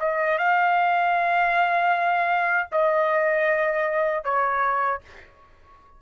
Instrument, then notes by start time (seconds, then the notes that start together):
trumpet
0.00 D#5
0.38 F5
2.72 D#5
4.24 C#5